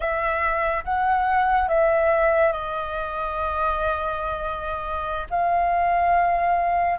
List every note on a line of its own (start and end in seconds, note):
0.00 0.83 E5
0.84 1.68 F#5
1.68 2.52 E5
2.52 5.27 D#5
5.30 6.98 F5